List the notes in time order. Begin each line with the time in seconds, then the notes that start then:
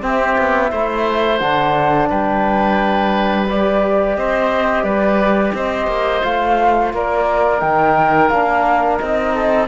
0.00 C4 G4 E5
0.38 B3
0.70 A3 E4 C5
1.38 D3 D4 F#5
2.09 G3 B4 G5
3.49 G4 D5
4.16 C4 C5 D#5
4.83 G3 B4 D5
5.54 C4 C5 D#5
5.87 A#3
6.23 A3 F4 F5
6.93 A#3 A#4 D5
7.60 D#3 D#4 G5
8.29 A#3 D4 F5
8.98 C4 D#4 D#5
9.34 A4